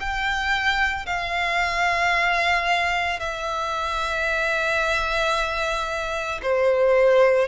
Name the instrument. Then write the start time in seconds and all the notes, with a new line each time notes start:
violin
0.00 G5
1.06 F5
3.19 E5
6.42 C5